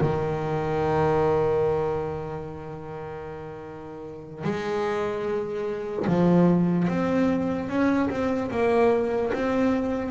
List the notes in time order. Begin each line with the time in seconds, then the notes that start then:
0.00 D#3
4.43 G#3
6.07 F3
6.88 C4
7.68 C#4
8.09 C4
8.51 A#3
9.33 C4